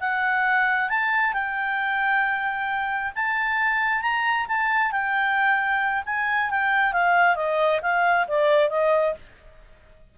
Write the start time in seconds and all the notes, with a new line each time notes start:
0.00 F#5
0.89 A5
1.33 G5
3.15 A5
4.02 A#5
4.48 A5
4.91 G5
6.05 G#5
6.50 G5
6.93 F5
7.35 D#5
7.82 F5
8.28 D5
8.70 D#5